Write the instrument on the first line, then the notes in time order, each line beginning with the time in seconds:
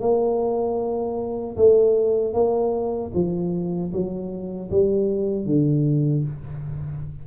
tuba
0.00 A#3
1.57 A3
2.33 A#3
3.14 F3
3.92 F#3
4.71 G3
5.45 D3